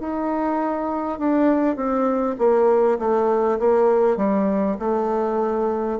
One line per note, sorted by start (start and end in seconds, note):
0.00 1.19 D#4
1.19 1.76 D4
1.76 2.36 C4
2.39 2.99 A#3
2.99 3.59 A3
3.59 4.17 A#3
4.17 4.77 G3
4.80 6.00 A3